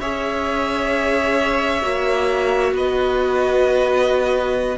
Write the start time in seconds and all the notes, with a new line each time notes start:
0.00 C#4 G#4 C#5 E5
1.81 A#3 F#4
2.72 B3 B4 D#5